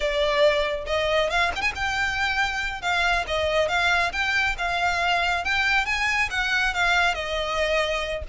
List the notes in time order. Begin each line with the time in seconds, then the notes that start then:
0.00 D5
0.86 D#5
1.29 F5
1.55 G5
1.61 G#5
1.75 G5
2.81 F5
3.27 D#5
3.68 F5
4.12 G5
4.58 F5
5.44 G5
5.85 G#5
6.30 F#5
6.74 F5
7.14 D#5